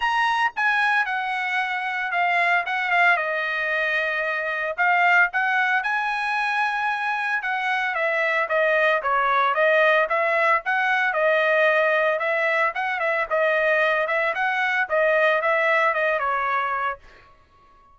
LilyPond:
\new Staff \with { instrumentName = "trumpet" } { \time 4/4 \tempo 4 = 113 ais''4 gis''4 fis''2 | f''4 fis''8 f''8 dis''2~ | dis''4 f''4 fis''4 gis''4~ | gis''2 fis''4 e''4 |
dis''4 cis''4 dis''4 e''4 | fis''4 dis''2 e''4 | fis''8 e''8 dis''4. e''8 fis''4 | dis''4 e''4 dis''8 cis''4. | }